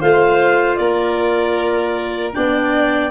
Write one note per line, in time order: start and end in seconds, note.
0.00 0.79 A3
0.00 2.33 F4
0.00 0.78 C5
0.00 0.76 F5
0.76 2.34 A#3
0.76 2.35 A#4
0.76 2.32 D5
2.33 3.11 B3
2.33 3.11 D4
2.33 3.11 D5
2.33 3.11 G5